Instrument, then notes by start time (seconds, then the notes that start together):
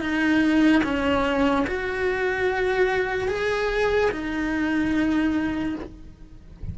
cello
0.00 D#4
0.83 C#4
1.67 F#4
3.28 G#4
4.11 D#4